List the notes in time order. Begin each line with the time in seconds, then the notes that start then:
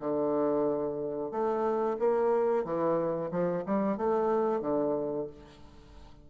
0.00 D3
1.31 A3
1.99 A#3
2.65 E3
3.31 F3
3.66 G3
3.97 A3
4.61 D3